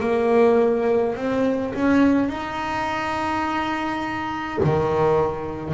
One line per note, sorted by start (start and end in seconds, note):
0.00 1.15 A#3
1.15 1.73 C4
1.74 2.28 C#4
2.28 4.59 D#4
4.63 5.73 D#3